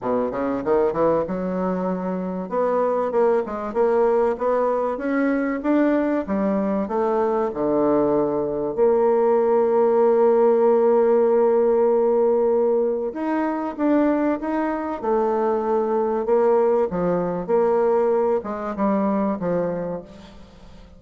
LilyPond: \new Staff \with { instrumentName = "bassoon" } { \time 4/4 \tempo 4 = 96 b,8 cis8 dis8 e8 fis2 | b4 ais8 gis8 ais4 b4 | cis'4 d'4 g4 a4 | d2 ais2~ |
ais1~ | ais4 dis'4 d'4 dis'4 | a2 ais4 f4 | ais4. gis8 g4 f4 | }